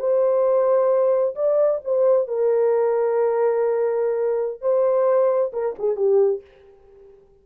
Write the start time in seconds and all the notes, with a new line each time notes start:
0.00 C5
1.36 D5
1.85 C5
2.28 A#4
4.62 C5
5.53 A#4
5.79 G#4
5.96 G4